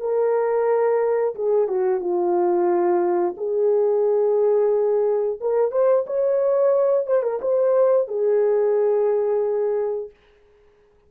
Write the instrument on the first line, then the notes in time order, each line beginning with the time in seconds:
horn
0.00 A#4
1.35 G#4
1.68 F#4
2.01 F4
3.38 G#4
5.41 A#4
5.72 C5
6.07 C#5
7.07 C5
7.23 A#4
7.42 C5
8.08 G#4